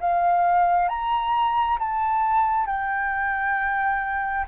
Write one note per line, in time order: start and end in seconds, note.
0.00 0.88 F5
0.88 1.78 A#5
1.79 2.66 A5
2.66 4.45 G5